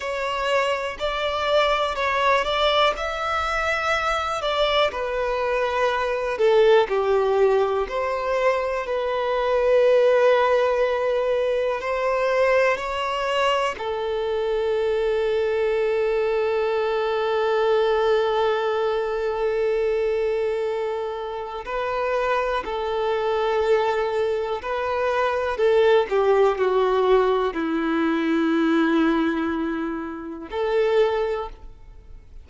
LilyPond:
\new Staff \with { instrumentName = "violin" } { \time 4/4 \tempo 4 = 61 cis''4 d''4 cis''8 d''8 e''4~ | e''8 d''8 b'4. a'8 g'4 | c''4 b'2. | c''4 cis''4 a'2~ |
a'1~ | a'2 b'4 a'4~ | a'4 b'4 a'8 g'8 fis'4 | e'2. a'4 | }